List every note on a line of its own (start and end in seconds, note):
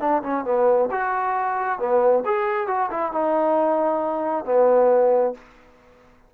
0.00 0.22 D4
0.22 0.44 C#4
0.44 0.89 B3
0.91 1.79 F#4
1.79 2.23 B3
2.25 2.67 G#4
2.67 2.90 F#4
2.91 3.12 E4
3.12 4.45 D#4
4.45 5.34 B3